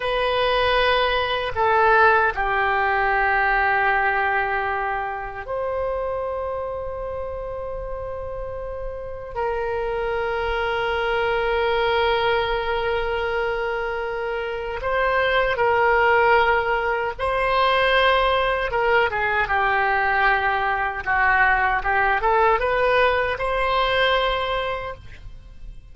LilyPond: \new Staff \with { instrumentName = "oboe" } { \time 4/4 \tempo 4 = 77 b'2 a'4 g'4~ | g'2. c''4~ | c''1 | ais'1~ |
ais'2. c''4 | ais'2 c''2 | ais'8 gis'8 g'2 fis'4 | g'8 a'8 b'4 c''2 | }